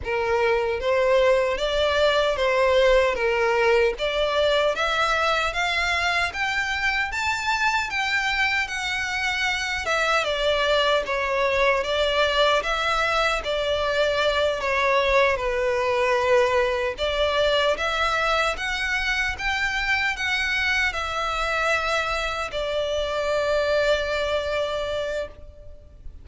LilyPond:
\new Staff \with { instrumentName = "violin" } { \time 4/4 \tempo 4 = 76 ais'4 c''4 d''4 c''4 | ais'4 d''4 e''4 f''4 | g''4 a''4 g''4 fis''4~ | fis''8 e''8 d''4 cis''4 d''4 |
e''4 d''4. cis''4 b'8~ | b'4. d''4 e''4 fis''8~ | fis''8 g''4 fis''4 e''4.~ | e''8 d''2.~ d''8 | }